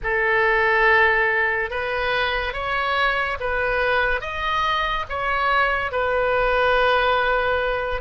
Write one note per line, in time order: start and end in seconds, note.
0.03 1.70 A4
1.70 2.53 B4
2.53 3.37 C#5
3.40 4.20 B4
4.20 5.05 D#5
5.09 5.91 C#5
5.91 8.01 B4